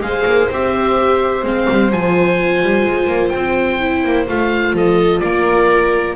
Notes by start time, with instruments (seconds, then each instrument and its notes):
0.00 double bass G#3, viola G#4, violin C5, oboe F5
0.26 double bass A#3
0.50 double bass C4, viola G4, oboe E5
1.43 double bass G#3, viola C4, oboe F5
1.70 double bass G3
1.92 double bass F3, viola F4, oboe G#5
2.62 double bass G3
2.85 double bass G#3
3.07 double bass A#3
3.29 double bass C4, oboe G5
3.80 viola E4
4.04 double bass A#3
4.28 double bass A3, viola F4, oboe F5
4.73 double bass F3, violin A4, oboe D#5
5.20 double bass A#3, violin A#4, oboe D5